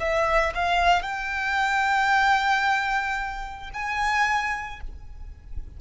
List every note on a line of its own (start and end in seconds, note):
0.00 0.54 E5
0.55 1.03 F5
1.03 3.70 G5
3.74 4.81 G#5